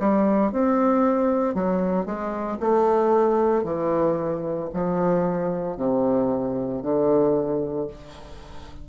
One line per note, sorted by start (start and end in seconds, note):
0.00 0.53 G3
0.53 1.55 C4
1.55 2.06 F#3
2.06 2.58 G#3
2.60 3.64 A3
3.64 4.69 E3
4.74 5.77 F3
5.77 6.82 C3
6.83 7.88 D3